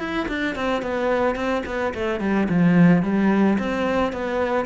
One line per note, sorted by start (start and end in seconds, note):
0.00 0.28 E4
0.29 0.56 D4
0.56 0.83 C4
0.83 1.36 B3
1.36 1.63 C4
1.66 1.94 B3
1.94 2.21 A3
2.21 2.48 G3
2.49 3.03 F3
3.03 3.58 G3
3.59 4.13 C4
4.13 4.66 B3